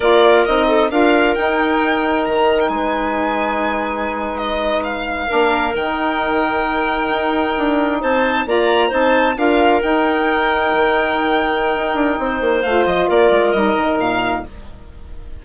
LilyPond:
<<
  \new Staff \with { instrumentName = "violin" } { \time 4/4 \tempo 4 = 133 d''4 dis''4 f''4 g''4~ | g''4 ais''8. g''16 gis''2~ | gis''4.~ gis''16 dis''4 f''4~ f''16~ | f''8. g''2.~ g''16~ |
g''4.~ g''16 a''4 ais''4 a''16~ | a''8. f''4 g''2~ g''16~ | g''1 | f''8 dis''8 d''4 dis''4 f''4 | }
  \new Staff \with { instrumentName = "clarinet" } { \time 4/4 ais'4. a'8 ais'2~ | ais'2 b'2~ | b'2.~ b'8. ais'16~ | ais'1~ |
ais'4.~ ais'16 c''4 d''4 c''16~ | c''8. ais'2.~ ais'16~ | ais'2. c''4~ | c''4 ais'2. | }
  \new Staff \with { instrumentName = "saxophone" } { \time 4/4 f'4 dis'4 f'4 dis'4~ | dis'1~ | dis'2.~ dis'8. d'16~ | d'8. dis'2.~ dis'16~ |
dis'2~ dis'8. f'4 dis'16~ | dis'8. f'4 dis'2~ dis'16~ | dis'1 | f'2 dis'2 | }
  \new Staff \with { instrumentName = "bassoon" } { \time 4/4 ais4 c'4 d'4 dis'4~ | dis'4 dis4 gis2~ | gis2.~ gis8. ais16~ | ais8. dis2. dis'16~ |
dis'8. d'4 c'4 ais4 c'16~ | c'8. d'4 dis'2 dis16~ | dis2 dis'8 d'8 c'8 ais8 | a8 f8 ais8 gis8 g8 dis8 ais,4 | }
>>